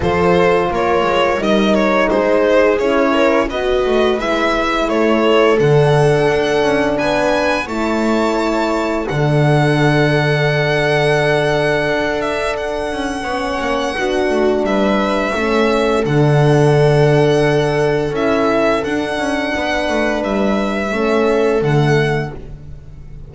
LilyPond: <<
  \new Staff \with { instrumentName = "violin" } { \time 4/4 \tempo 4 = 86 c''4 cis''4 dis''8 cis''8 c''4 | cis''4 dis''4 e''4 cis''4 | fis''2 gis''4 a''4~ | a''4 fis''2.~ |
fis''4. e''8 fis''2~ | fis''4 e''2 fis''4~ | fis''2 e''4 fis''4~ | fis''4 e''2 fis''4 | }
  \new Staff \with { instrumentName = "viola" } { \time 4/4 a'4 ais'2 gis'4~ | gis'8 ais'8 b'2 a'4~ | a'2 b'4 cis''4~ | cis''4 a'2.~ |
a'2. cis''4 | fis'4 b'4 a'2~ | a'1 | b'2 a'2 | }
  \new Staff \with { instrumentName = "horn" } { \time 4/4 f'2 dis'2 | e'4 fis'4 e'2 | d'2. e'4~ | e'4 d'2.~ |
d'2. cis'4 | d'2 cis'4 d'4~ | d'2 e'4 d'4~ | d'2 cis'4 a4 | }
  \new Staff \with { instrumentName = "double bass" } { \time 4/4 f4 ais8 gis8 g4 gis4 | cis'4 b8 a8 gis4 a4 | d4 d'8 cis'8 b4 a4~ | a4 d2.~ |
d4 d'4. cis'8 b8 ais8 | b8 a8 g4 a4 d4~ | d2 cis'4 d'8 cis'8 | b8 a8 g4 a4 d4 | }
>>